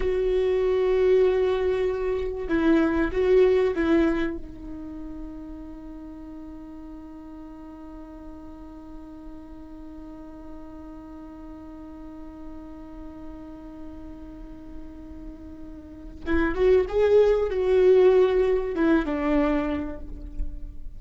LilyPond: \new Staff \with { instrumentName = "viola" } { \time 4/4 \tempo 4 = 96 fis'1 | e'4 fis'4 e'4 dis'4~ | dis'1~ | dis'1~ |
dis'1~ | dis'1~ | dis'2 e'8 fis'8 gis'4 | fis'2 e'8 d'4. | }